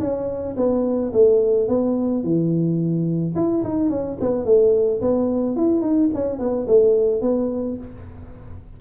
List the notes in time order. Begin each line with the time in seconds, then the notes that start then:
0.00 C#4
0.57 B3
1.13 A3
1.68 B3
2.23 E3
3.36 E4
3.64 D#4
3.90 C#4
4.21 B3
4.45 A3
5.01 B3
5.57 E4
5.82 D#4
6.14 C#4
6.39 B3
6.68 A3
7.21 B3